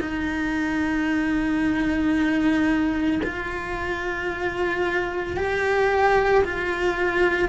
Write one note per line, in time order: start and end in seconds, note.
0.00 3.21 D#4
3.23 5.37 F4
5.37 6.44 G4
6.45 7.49 F4